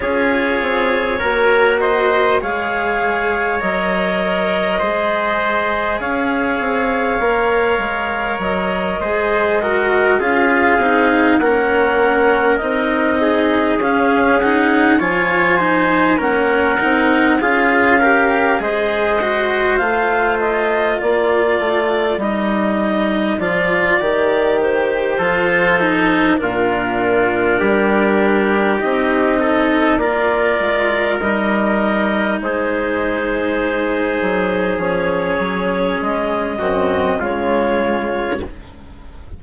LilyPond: <<
  \new Staff \with { instrumentName = "clarinet" } { \time 4/4 \tempo 4 = 50 cis''4. dis''8 f''4 dis''4~ | dis''4 f''2 dis''4~ | dis''8 f''4 fis''4 dis''4 f''8 | fis''8 gis''4 fis''4 f''4 dis''8~ |
dis''8 f''8 dis''8 d''4 dis''4 d''8~ | d''8 c''4. ais'2 | dis''4 d''4 dis''4 c''4~ | c''4 cis''4 dis''4 cis''4 | }
  \new Staff \with { instrumentName = "trumpet" } { \time 4/4 gis'4 ais'8 c''8 cis''2 | c''4 cis''2~ cis''8 c''8 | ais'8 gis'4 ais'4. gis'4~ | gis'8 cis''8 c''8 ais'4 gis'8 ais'8 c''8~ |
c''4. ais'2~ ais'8~ | ais'4 a'4 f'4 g'4~ | g'8 a'8 ais'2 gis'4~ | gis'2~ gis'8 fis'8 f'4 | }
  \new Staff \with { instrumentName = "cello" } { \time 4/4 f'4 fis'4 gis'4 ais'4 | gis'2 ais'4. gis'8 | fis'8 f'8 dis'8 cis'4 dis'4 cis'8 | dis'8 f'8 dis'8 cis'8 dis'8 f'8 g'8 gis'8 |
fis'8 f'2 dis'4 f'8 | g'4 f'8 dis'8 d'2 | dis'4 f'4 dis'2~ | dis'4 cis'4. c'8 gis4 | }
  \new Staff \with { instrumentName = "bassoon" } { \time 4/4 cis'8 c'8 ais4 gis4 fis4 | gis4 cis'8 c'8 ais8 gis8 fis8 gis8~ | gis8 cis'8 c'8 ais4 c'4 cis'8~ | cis'8 f4 ais8 c'8 cis'4 gis8~ |
gis8 a4 ais8 a8 g4 f8 | dis4 f4 ais,4 g4 | c'4 ais8 gis8 g4 gis4~ | gis8 fis8 f8 fis8 gis8 fis,8 cis4 | }
>>